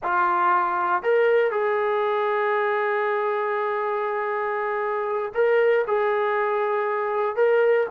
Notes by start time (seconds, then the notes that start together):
0.03 F4
1.03 A#4
1.51 G#4
5.34 A#4
5.87 G#4
7.36 A#4